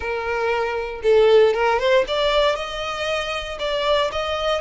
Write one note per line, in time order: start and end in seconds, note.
0.00 1.01 A#4
1.03 1.54 A4
1.54 1.79 A#4
1.79 2.04 C5
2.07 2.55 D5
2.55 3.58 D#5
3.59 4.10 D5
4.12 4.61 D#5